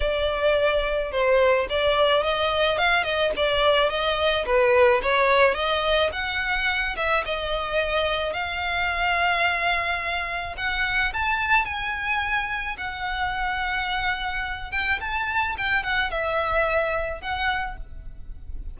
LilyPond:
\new Staff \with { instrumentName = "violin" } { \time 4/4 \tempo 4 = 108 d''2 c''4 d''4 | dis''4 f''8 dis''8 d''4 dis''4 | b'4 cis''4 dis''4 fis''4~ | fis''8 e''8 dis''2 f''4~ |
f''2. fis''4 | a''4 gis''2 fis''4~ | fis''2~ fis''8 g''8 a''4 | g''8 fis''8 e''2 fis''4 | }